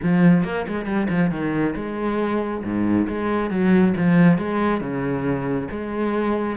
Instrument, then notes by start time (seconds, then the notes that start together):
cello
0.03 F3
0.44 A#3
0.67 G#3
0.85 G3
1.09 F3
1.31 D#3
1.75 G#3
2.64 G#2
3.08 G#3
3.50 F#3
3.96 F3
4.37 G#3
4.81 C#3
5.71 G#3